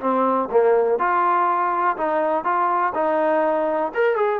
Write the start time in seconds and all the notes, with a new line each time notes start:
0.00 C4
0.51 A#3
0.99 F4
1.97 D#4
2.44 F4
2.94 D#4
3.94 A#4
4.16 G#4